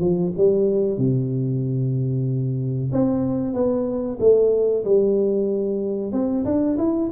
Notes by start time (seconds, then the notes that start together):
0.00 F3
0.37 G3
0.98 C3
2.92 C4
3.54 B3
4.20 A3
4.85 G3
6.12 C4
6.45 D4
6.78 E4